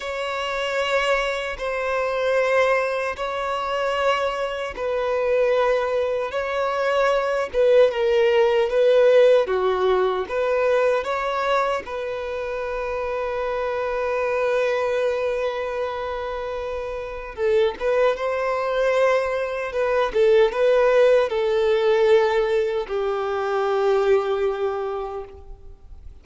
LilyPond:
\new Staff \with { instrumentName = "violin" } { \time 4/4 \tempo 4 = 76 cis''2 c''2 | cis''2 b'2 | cis''4. b'8 ais'4 b'4 | fis'4 b'4 cis''4 b'4~ |
b'1~ | b'2 a'8 b'8 c''4~ | c''4 b'8 a'8 b'4 a'4~ | a'4 g'2. | }